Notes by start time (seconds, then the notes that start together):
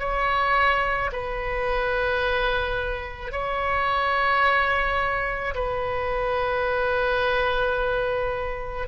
0.00 C#5
1.13 B4
3.32 C#5
5.55 B4